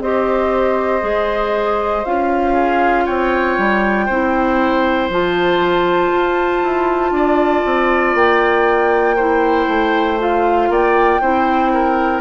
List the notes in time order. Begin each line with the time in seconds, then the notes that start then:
0.00 C4 G4 C5 D#5
1.01 G#3 G#4
2.05 C#4 F4 F5
2.53 G#4
3.06 C4 C#5 G5
3.58 G3
4.06 C4 E4 C5
5.10 F3 F4 A5
6.13 F4
6.63 E4
7.11 D4 D5
7.65 C4
8.15 A#3 G5
9.16 E4 C5
9.68 A3
10.19 F4 F5
10.69 A#3 D5 G5
11.21 C4 E4 C5
11.73 A#4